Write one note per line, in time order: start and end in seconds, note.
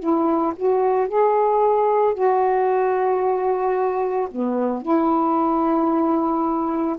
0.00 0.54 E4
0.56 1.08 F#4
1.08 2.14 G#4
2.14 4.29 F#4
4.31 4.82 B3
4.82 6.96 E4